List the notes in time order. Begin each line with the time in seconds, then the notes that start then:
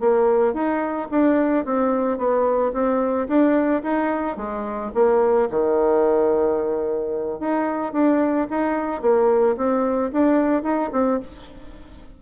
0.00 A#3
0.53 D#4
1.11 D4
1.65 C4
2.18 B3
2.73 C4
3.28 D4
3.83 D#4
4.37 G#3
4.94 A#3
5.50 D#3
7.39 D#4
7.92 D4
8.50 D#4
9.01 A#3
9.57 C4
10.12 D4
10.62 D#4
10.92 C4